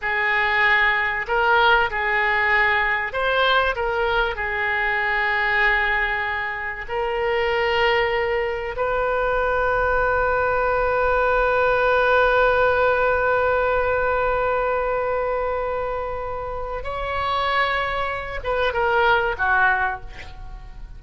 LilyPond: \new Staff \with { instrumentName = "oboe" } { \time 4/4 \tempo 4 = 96 gis'2 ais'4 gis'4~ | gis'4 c''4 ais'4 gis'4~ | gis'2. ais'4~ | ais'2 b'2~ |
b'1~ | b'1~ | b'2. cis''4~ | cis''4. b'8 ais'4 fis'4 | }